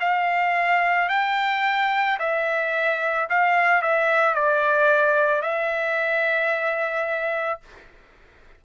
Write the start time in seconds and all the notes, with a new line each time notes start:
0.00 F5
1.09 G5
2.19 E5
3.29 F5
3.82 E5
4.34 D5
5.42 E5